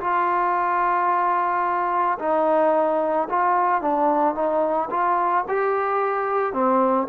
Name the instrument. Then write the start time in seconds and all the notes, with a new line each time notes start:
trombone
0.00 F4
2.19 D#4
3.29 F4
3.81 D4
4.34 D#4
4.90 F4
5.48 G4
6.53 C4